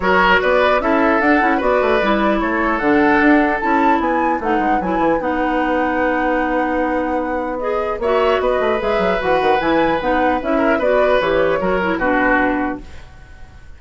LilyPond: <<
  \new Staff \with { instrumentName = "flute" } { \time 4/4 \tempo 4 = 150 cis''4 d''4 e''4 fis''4 | d''2 cis''4 fis''4~ | fis''4 a''4 gis''4 fis''4 | gis''4 fis''2.~ |
fis''2. dis''4 | e''4 dis''4 e''4 fis''4 | gis''4 fis''4 e''4 d''4 | cis''2 b'2 | }
  \new Staff \with { instrumentName = "oboe" } { \time 4/4 ais'4 b'4 a'2 | b'2 a'2~ | a'2 b'2~ | b'1~ |
b'1 | cis''4 b'2.~ | b'2~ b'8 ais'8 b'4~ | b'4 ais'4 fis'2 | }
  \new Staff \with { instrumentName = "clarinet" } { \time 4/4 fis'2 e'4 d'8 e'8 | fis'4 e'2 d'4~ | d'4 e'2 dis'4 | e'4 dis'2.~ |
dis'2. gis'4 | fis'2 gis'4 fis'4 | e'4 dis'4 e'4 fis'4 | g'4 fis'8 e'8 d'2 | }
  \new Staff \with { instrumentName = "bassoon" } { \time 4/4 fis4 b4 cis'4 d'8 cis'8 | b8 a8 g4 a4 d4 | d'4 cis'4 b4 a8 gis8 | fis8 e8 b2.~ |
b1 | ais4 b8 a8 gis8 fis8 e8 dis8 | e4 b4 cis'4 b4 | e4 fis4 b,2 | }
>>